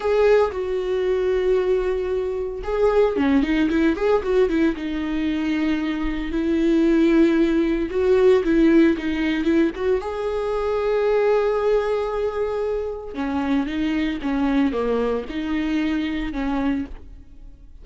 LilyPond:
\new Staff \with { instrumentName = "viola" } { \time 4/4 \tempo 4 = 114 gis'4 fis'2.~ | fis'4 gis'4 cis'8 dis'8 e'8 gis'8 | fis'8 e'8 dis'2. | e'2. fis'4 |
e'4 dis'4 e'8 fis'8 gis'4~ | gis'1~ | gis'4 cis'4 dis'4 cis'4 | ais4 dis'2 cis'4 | }